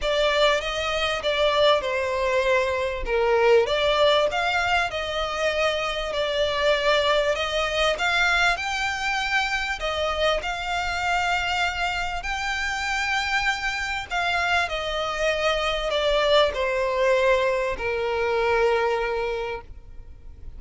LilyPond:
\new Staff \with { instrumentName = "violin" } { \time 4/4 \tempo 4 = 98 d''4 dis''4 d''4 c''4~ | c''4 ais'4 d''4 f''4 | dis''2 d''2 | dis''4 f''4 g''2 |
dis''4 f''2. | g''2. f''4 | dis''2 d''4 c''4~ | c''4 ais'2. | }